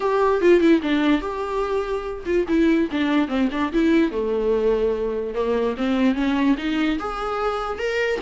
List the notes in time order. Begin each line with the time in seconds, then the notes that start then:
0.00 G4
0.41 F4
0.60 E4
0.82 D4
1.21 G4
2.25 F4
2.48 E4
2.91 D4
3.28 C4
3.51 D4
3.72 E4
4.11 A3
5.34 A#3
5.77 C4
6.14 C#4
6.57 D#4
6.99 G#4
7.78 A#4